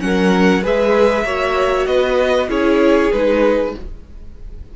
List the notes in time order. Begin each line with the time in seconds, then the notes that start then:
0.00 F#3 C#4 A#4 F#5
0.62 G#3 G#4 B4 E5
1.25 A#3 F#4 C#5
1.87 B3 B4 D#5
2.48 C#4 E4 G#4 C#5
3.12 G#3 D#4 B4